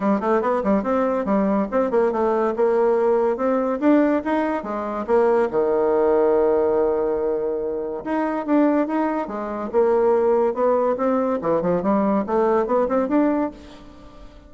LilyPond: \new Staff \with { instrumentName = "bassoon" } { \time 4/4 \tempo 4 = 142 g8 a8 b8 g8 c'4 g4 | c'8 ais8 a4 ais2 | c'4 d'4 dis'4 gis4 | ais4 dis2.~ |
dis2. dis'4 | d'4 dis'4 gis4 ais4~ | ais4 b4 c'4 e8 f8 | g4 a4 b8 c'8 d'4 | }